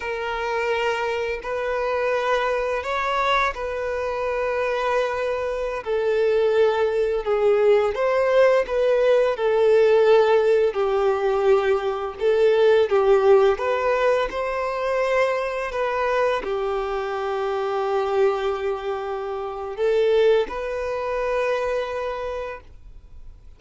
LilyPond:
\new Staff \with { instrumentName = "violin" } { \time 4/4 \tempo 4 = 85 ais'2 b'2 | cis''4 b'2.~ | b'16 a'2 gis'4 c''8.~ | c''16 b'4 a'2 g'8.~ |
g'4~ g'16 a'4 g'4 b'8.~ | b'16 c''2 b'4 g'8.~ | g'1 | a'4 b'2. | }